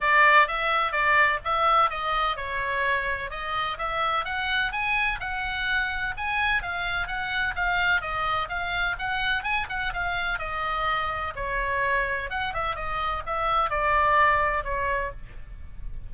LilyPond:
\new Staff \with { instrumentName = "oboe" } { \time 4/4 \tempo 4 = 127 d''4 e''4 d''4 e''4 | dis''4 cis''2 dis''4 | e''4 fis''4 gis''4 fis''4~ | fis''4 gis''4 f''4 fis''4 |
f''4 dis''4 f''4 fis''4 | gis''8 fis''8 f''4 dis''2 | cis''2 fis''8 e''8 dis''4 | e''4 d''2 cis''4 | }